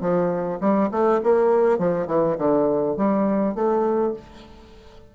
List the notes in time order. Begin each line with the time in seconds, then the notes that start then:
0.00 F3
0.60 G3
0.91 A3
1.23 A#3
1.78 F3
2.06 E3
2.38 D3
2.97 G3
3.55 A3